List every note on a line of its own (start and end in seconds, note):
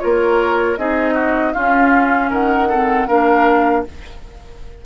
0.00 0.78 A#3
0.00 0.77 F4
0.00 0.79 A#4
0.00 0.77 C#5
0.78 1.55 C4
0.78 1.55 D#4
0.78 1.14 G#4
0.78 1.54 D#5
1.14 1.53 F#4
1.54 2.70 C#4
1.54 2.31 C#4
1.54 2.30 F4
1.54 2.30 F5
2.30 3.08 D#3
2.30 2.69 A#4
2.30 3.08 F#5
2.69 3.09 C4
2.69 3.08 A4
3.08 3.86 A#3
3.08 3.86 D4
3.08 3.85 A#4
3.08 3.85 F5